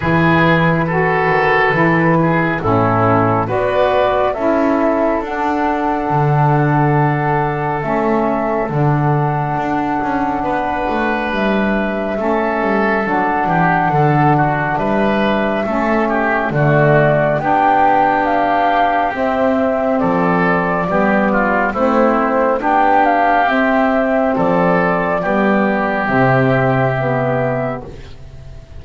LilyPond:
<<
  \new Staff \with { instrumentName = "flute" } { \time 4/4 \tempo 4 = 69 b'2. a'4 | d''4 e''4 fis''2~ | fis''4 e''4 fis''2~ | fis''4 e''2 fis''4~ |
fis''4 e''2 d''4 | g''4 f''4 e''4 d''4~ | d''4 c''4 g''8 f''8 e''4 | d''2 e''2 | }
  \new Staff \with { instrumentName = "oboe" } { \time 4/4 gis'4 a'4. gis'8 e'4 | b'4 a'2.~ | a'1 | b'2 a'4. g'8 |
a'8 fis'8 b'4 a'8 g'8 fis'4 | g'2. a'4 | g'8 f'8 e'4 g'2 | a'4 g'2. | }
  \new Staff \with { instrumentName = "saxophone" } { \time 4/4 e'4 fis'4 e'4 cis'4 | fis'4 e'4 d'2~ | d'4 cis'4 d'2~ | d'2 cis'4 d'4~ |
d'2 cis'4 a4 | d'2 c'2 | b4 c'4 d'4 c'4~ | c'4 b4 c'4 b4 | }
  \new Staff \with { instrumentName = "double bass" } { \time 4/4 e4. dis8 e4 a,4 | b4 cis'4 d'4 d4~ | d4 a4 d4 d'8 cis'8 | b8 a8 g4 a8 g8 fis8 e8 |
d4 g4 a4 d4 | b2 c'4 f4 | g4 a4 b4 c'4 | f4 g4 c2 | }
>>